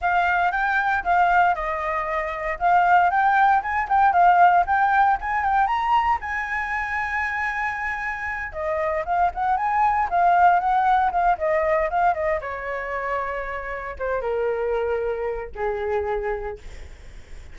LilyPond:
\new Staff \with { instrumentName = "flute" } { \time 4/4 \tempo 4 = 116 f''4 g''4 f''4 dis''4~ | dis''4 f''4 g''4 gis''8 g''8 | f''4 g''4 gis''8 g''8 ais''4 | gis''1~ |
gis''8 dis''4 f''8 fis''8 gis''4 f''8~ | f''8 fis''4 f''8 dis''4 f''8 dis''8 | cis''2. c''8 ais'8~ | ais'2 gis'2 | }